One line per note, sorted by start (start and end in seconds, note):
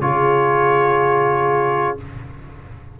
0.00 1.97 C#3
0.00 1.97 F4
0.00 1.99 G#4
0.00 1.97 C#5